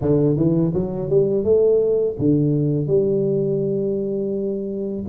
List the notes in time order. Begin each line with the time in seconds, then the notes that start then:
0.01 D3
0.36 E3
0.74 F#3
1.09 G3
1.44 A3
2.18 D3
2.87 G3